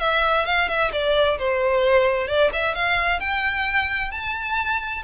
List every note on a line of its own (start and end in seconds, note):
0.00 0.46 E5
0.46 0.69 F5
0.69 0.92 E5
0.93 1.38 D5
1.39 2.28 C5
2.28 2.51 D5
2.53 2.75 E5
2.75 3.20 F5
3.20 4.12 G5
4.12 5.03 A5